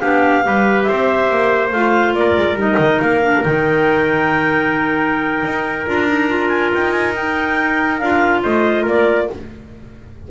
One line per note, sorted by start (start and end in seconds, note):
0.00 0.46 B3
0.00 0.44 D4
0.00 0.44 G4
0.00 0.83 F5
0.44 0.89 G3
0.44 1.71 G4
0.44 0.89 B4
0.83 2.16 C5
0.83 1.68 E5
0.91 1.31 C4
1.31 1.72 A#3
1.72 2.15 A3
1.72 2.57 F4
1.72 2.15 F5
2.15 2.36 A#3
2.15 8.43 A#4
2.15 2.58 D5
2.37 2.54 G#3
2.54 2.75 G3
2.54 3.21 D#4
2.61 3.01 D#5
2.79 3.00 D#3
3.01 3.44 A#3
3.01 3.43 F5
3.23 3.44 D4
3.43 5.44 D#3
3.43 5.87 D#4
3.43 5.88 G5
5.44 5.87 D#4
5.87 6.73 D4
5.87 6.08 F4
5.87 6.49 A#5
6.08 6.30 D#4
6.30 7.15 F4
6.49 6.70 G#5
6.74 8.02 D#4
6.74 6.92 G5
6.92 7.13 G#5
7.16 8.02 D#4
7.16 7.99 G5
7.99 8.44 D4
7.99 9.30 F4
7.99 8.41 F5
8.43 8.87 A3
8.43 8.83 C5
8.43 8.86 D#5
8.83 9.30 A#3
8.83 9.25 A#4
8.83 9.31 D5